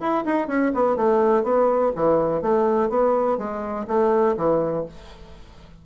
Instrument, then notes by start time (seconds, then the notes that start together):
bassoon
0.00 E4
0.25 D#4
0.48 C#4
0.74 B3
0.97 A3
1.44 B3
1.96 E3
2.42 A3
2.90 B3
3.38 G#3
3.88 A3
4.37 E3